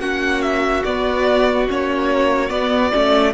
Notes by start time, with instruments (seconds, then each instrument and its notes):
0.00 cello A#3, viola C#4, violin F#4 F#5
0.42 violin E5
0.84 cello B3, viola B3, violin D5
1.69 cello A#3, viola C#4, violin C#5
2.50 viola B3, cello B3, violin D5
2.93 cello A3, viola C#4